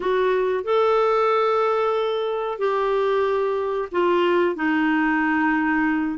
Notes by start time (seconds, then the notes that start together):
0.00 F#4
0.64 A4
2.58 G4
3.91 F4
4.55 D#4